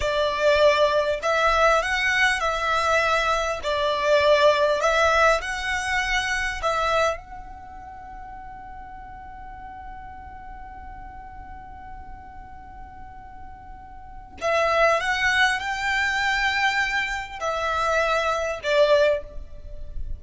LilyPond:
\new Staff \with { instrumentName = "violin" } { \time 4/4 \tempo 4 = 100 d''2 e''4 fis''4 | e''2 d''2 | e''4 fis''2 e''4 | fis''1~ |
fis''1~ | fis''1 | e''4 fis''4 g''2~ | g''4 e''2 d''4 | }